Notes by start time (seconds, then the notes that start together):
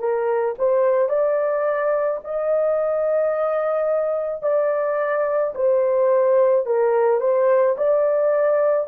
0.00 A#4
0.59 C5
1.10 D5
2.25 D#5
4.43 D5
5.56 C5
6.67 A#4
7.21 C5
7.78 D5